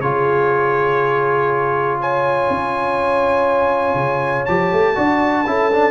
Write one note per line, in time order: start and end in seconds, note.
0.00 2.48 C#3
0.00 4.48 F4
0.00 2.00 G#4
0.00 1.99 C#5
2.01 4.96 C#5
2.01 4.46 G#5
2.50 3.95 C#4
3.95 4.44 C#3
4.46 4.72 F3
4.46 4.95 G4
4.46 5.91 A5
4.72 4.97 A3
4.95 5.46 D4
4.95 5.45 F#4
4.95 5.45 D5
5.46 5.91 C#4
5.46 5.71 E4
5.46 5.91 A4
5.72 5.91 D4